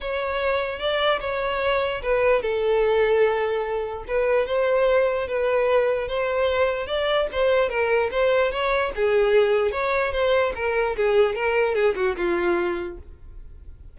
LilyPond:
\new Staff \with { instrumentName = "violin" } { \time 4/4 \tempo 4 = 148 cis''2 d''4 cis''4~ | cis''4 b'4 a'2~ | a'2 b'4 c''4~ | c''4 b'2 c''4~ |
c''4 d''4 c''4 ais'4 | c''4 cis''4 gis'2 | cis''4 c''4 ais'4 gis'4 | ais'4 gis'8 fis'8 f'2 | }